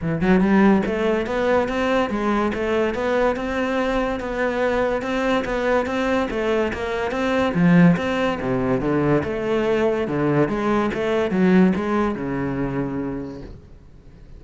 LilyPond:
\new Staff \with { instrumentName = "cello" } { \time 4/4 \tempo 4 = 143 e8 fis8 g4 a4 b4 | c'4 gis4 a4 b4 | c'2 b2 | c'4 b4 c'4 a4 |
ais4 c'4 f4 c'4 | c4 d4 a2 | d4 gis4 a4 fis4 | gis4 cis2. | }